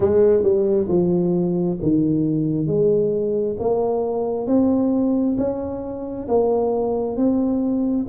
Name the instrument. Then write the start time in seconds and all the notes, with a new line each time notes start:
tuba
0.00 G#3
0.42 G3
0.88 F3
1.82 D#3
2.66 G#3
3.59 A#3
4.47 C4
5.37 C#4
6.27 A#3
7.16 C4